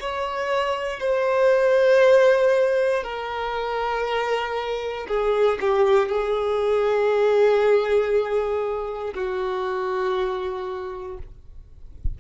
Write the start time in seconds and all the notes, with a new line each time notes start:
0.00 C#5
1.00 C5
3.04 A#4
5.08 G#4
5.61 G4
6.09 G#4
9.14 F#4